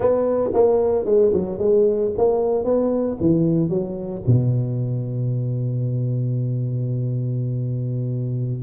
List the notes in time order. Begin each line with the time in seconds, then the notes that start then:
0.00 B3
0.53 A#3
1.05 G#3
1.33 F#3
1.58 G#3
2.17 A#3
2.64 B3
3.20 E3
3.69 F#3
4.26 B2